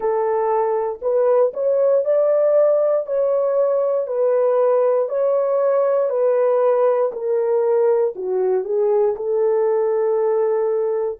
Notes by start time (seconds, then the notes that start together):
0.00 A4
1.01 B4
1.53 C#5
2.04 D5
3.06 C#5
4.07 B4
5.08 C#5
6.09 B4
7.12 A#4
8.15 F#4
8.64 G#4
9.15 A4